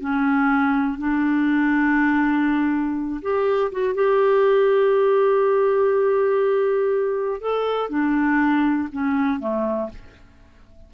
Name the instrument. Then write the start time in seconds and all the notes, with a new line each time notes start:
clarinet
0.00 C#4
0.98 D4
3.22 G4
3.72 F#4
3.95 G4
7.41 A4
7.90 D4
8.93 C#4
9.40 A3